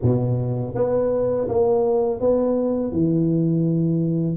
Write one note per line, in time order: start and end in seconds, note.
0.02 0.74 B2
0.74 1.47 B3
1.48 2.20 A#3
2.20 2.92 B3
2.92 4.36 E3